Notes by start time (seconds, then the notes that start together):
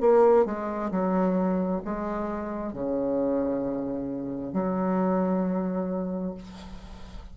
0.00 A#3
0.45 G#3
0.91 F#3
1.84 G#3
2.73 C#3
4.53 F#3